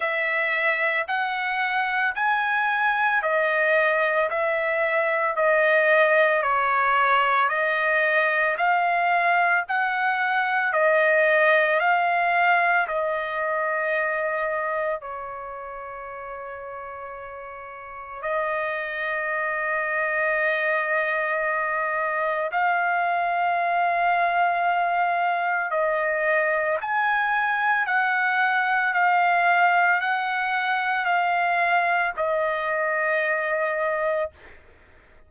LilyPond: \new Staff \with { instrumentName = "trumpet" } { \time 4/4 \tempo 4 = 56 e''4 fis''4 gis''4 dis''4 | e''4 dis''4 cis''4 dis''4 | f''4 fis''4 dis''4 f''4 | dis''2 cis''2~ |
cis''4 dis''2.~ | dis''4 f''2. | dis''4 gis''4 fis''4 f''4 | fis''4 f''4 dis''2 | }